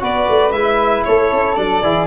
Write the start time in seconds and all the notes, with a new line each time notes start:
0.00 B3 F#4 B4 D5
0.29 A3
0.52 G#3 E4 E5
1.04 A3 A4 C#5
1.32 C#4
1.55 F#3 D4 D5
1.83 E3 E4 G#4